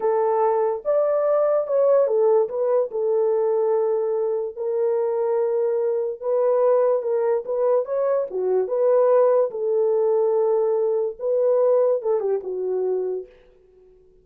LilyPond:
\new Staff \with { instrumentName = "horn" } { \time 4/4 \tempo 4 = 145 a'2 d''2 | cis''4 a'4 b'4 a'4~ | a'2. ais'4~ | ais'2. b'4~ |
b'4 ais'4 b'4 cis''4 | fis'4 b'2 a'4~ | a'2. b'4~ | b'4 a'8 g'8 fis'2 | }